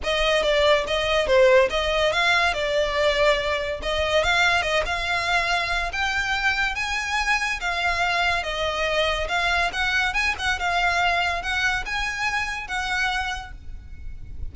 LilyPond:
\new Staff \with { instrumentName = "violin" } { \time 4/4 \tempo 4 = 142 dis''4 d''4 dis''4 c''4 | dis''4 f''4 d''2~ | d''4 dis''4 f''4 dis''8 f''8~ | f''2 g''2 |
gis''2 f''2 | dis''2 f''4 fis''4 | gis''8 fis''8 f''2 fis''4 | gis''2 fis''2 | }